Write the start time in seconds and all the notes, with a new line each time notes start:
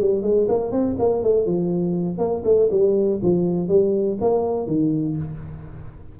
0.00 G3
0.22 G#3
0.48 A#3
0.71 C4
0.98 A#3
1.23 A3
1.46 F3
2.18 A#3
2.44 A3
2.70 G3
3.22 F3
3.68 G3
4.20 A#3
4.67 D#3